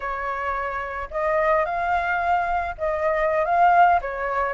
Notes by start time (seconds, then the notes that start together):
0.00 C#5
1.10 D#5
1.65 F5
2.78 D#5
3.45 F5
4.01 C#5